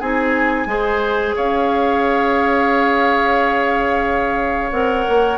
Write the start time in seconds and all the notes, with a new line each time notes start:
0.00 C4 D#4 G#4 G#5
0.66 G#3 G#4 C5
1.36 C#4 C#5 F5
4.72 C4 A#4 F#5
5.08 A#3